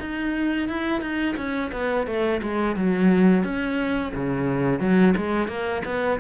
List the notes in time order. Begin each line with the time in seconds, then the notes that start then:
0.00 D#4
0.69 E4
1.01 D#4
1.37 C#4
1.72 B3
2.07 A3
2.42 G#3
2.76 F#3
3.44 C#4
4.15 C#3
4.80 F#3
5.17 G#3
5.48 A#3
5.85 B3